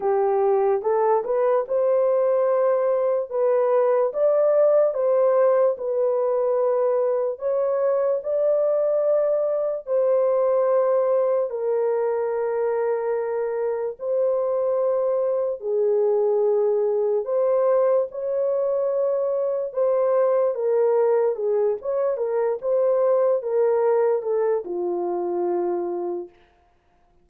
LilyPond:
\new Staff \with { instrumentName = "horn" } { \time 4/4 \tempo 4 = 73 g'4 a'8 b'8 c''2 | b'4 d''4 c''4 b'4~ | b'4 cis''4 d''2 | c''2 ais'2~ |
ais'4 c''2 gis'4~ | gis'4 c''4 cis''2 | c''4 ais'4 gis'8 cis''8 ais'8 c''8~ | c''8 ais'4 a'8 f'2 | }